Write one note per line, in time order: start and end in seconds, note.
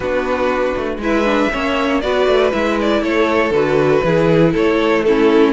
0.00 0.73 B3
0.00 1.02 D4
0.00 1.01 F#4
0.00 1.01 B4
0.76 0.97 A3
0.97 1.48 G#3
0.97 1.25 E4
0.97 1.52 B4
0.97 2.01 E5
1.25 1.50 D4
1.52 2.03 A#3
1.52 2.02 C#4
1.52 2.02 C#5
2.01 2.26 B3
2.01 2.51 F#4
2.01 3.02 B4
2.01 2.51 D5
2.26 2.52 A3
2.51 3.01 G#3
2.51 3.51 E4
2.51 2.78 E5
2.80 3.03 D5
3.01 3.50 A3
3.01 4.03 A4
3.01 3.52 C#5
3.50 4.01 D3
3.50 4.04 F#4
3.50 4.53 B4
4.03 4.54 E3
4.03 5.05 E4
4.03 4.53 G#4
4.53 5.53 A3
4.53 5.03 A4
4.53 5.03 C#5
5.03 5.53 C#4
5.03 5.53 E4
5.03 5.53 A4